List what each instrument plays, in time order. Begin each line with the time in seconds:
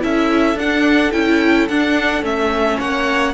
0.00 cello C#4, viola E4, violin A4 E5
0.55 cello D4, viola D4, violin F#5
1.12 cello C#4, viola E4, violin G5
1.69 cello D4, viola D4, violin F#5
2.22 cello A3, viola C#4, violin E5
2.78 cello A#3, violin C#5 F#5